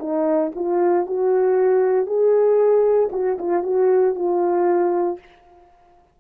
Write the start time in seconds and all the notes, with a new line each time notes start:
0.00 D#4
0.55 F4
1.07 F#4
2.06 G#4
3.12 F#4
3.39 F4
3.64 F#4
4.16 F4